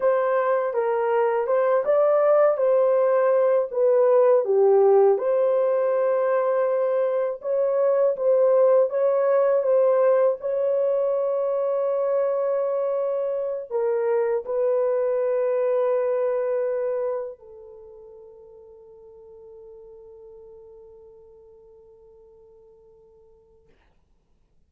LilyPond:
\new Staff \with { instrumentName = "horn" } { \time 4/4 \tempo 4 = 81 c''4 ais'4 c''8 d''4 c''8~ | c''4 b'4 g'4 c''4~ | c''2 cis''4 c''4 | cis''4 c''4 cis''2~ |
cis''2~ cis''8 ais'4 b'8~ | b'2.~ b'8 a'8~ | a'1~ | a'1 | }